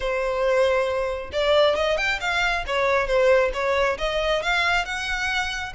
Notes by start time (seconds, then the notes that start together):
0.00 C5
1.32 D5
1.75 D#5
1.97 G5
2.20 F5
2.67 C#5
3.07 C5
3.53 C#5
3.98 D#5
4.42 F5
4.85 F#5